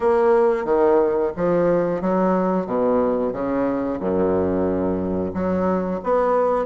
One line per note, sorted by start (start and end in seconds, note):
0.00 0.65 A#3
0.65 1.31 D#3
1.36 2.01 F3
2.01 2.66 F#3
2.66 3.32 B2
3.32 3.99 C#3
3.99 5.33 F#2
5.33 6.00 F#3
6.03 6.65 B3